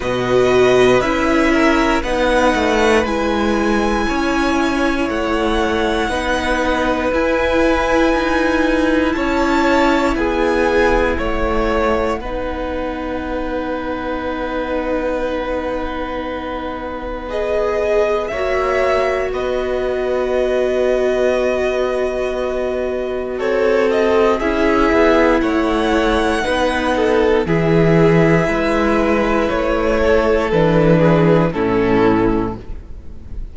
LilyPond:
<<
  \new Staff \with { instrumentName = "violin" } { \time 4/4 \tempo 4 = 59 dis''4 e''4 fis''4 gis''4~ | gis''4 fis''2 gis''4~ | gis''4 a''4 gis''4 fis''4~ | fis''1~ |
fis''4 dis''4 e''4 dis''4~ | dis''2. cis''8 dis''8 | e''4 fis''2 e''4~ | e''4 cis''4 b'4 a'4 | }
  \new Staff \with { instrumentName = "violin" } { \time 4/4 b'4. ais'8 b'2 | cis''2 b'2~ | b'4 cis''4 gis'4 cis''4 | b'1~ |
b'2 cis''4 b'4~ | b'2. a'4 | gis'4 cis''4 b'8 a'8 gis'4 | b'4. a'4 gis'8 e'4 | }
  \new Staff \with { instrumentName = "viola" } { \time 4/4 fis'4 e'4 dis'4 e'4~ | e'2 dis'4 e'4~ | e'1 | dis'1~ |
dis'4 gis'4 fis'2~ | fis'1 | e'2 dis'4 e'4~ | e'2 d'4 cis'4 | }
  \new Staff \with { instrumentName = "cello" } { \time 4/4 b,4 cis'4 b8 a8 gis4 | cis'4 a4 b4 e'4 | dis'4 cis'4 b4 a4 | b1~ |
b2 ais4 b4~ | b2. c'4 | cis'8 b8 a4 b4 e4 | gis4 a4 e4 a,4 | }
>>